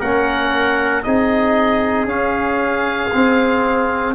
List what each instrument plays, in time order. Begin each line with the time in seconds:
0.00 tuba A#3, trombone C#4, trumpet A#4, oboe F#5
1.03 tuba C4, trombone D#4, trumpet G#4, oboe D#5
2.05 tuba C#4, trombone C#4, oboe F5
3.12 trombone C4, tuba C4